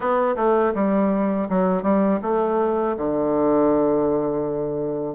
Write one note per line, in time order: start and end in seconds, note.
0.00 0.35 B3
0.36 0.73 A3
0.74 1.48 G3
1.49 1.82 F#3
1.82 2.20 G3
2.22 2.96 A3
2.97 5.15 D3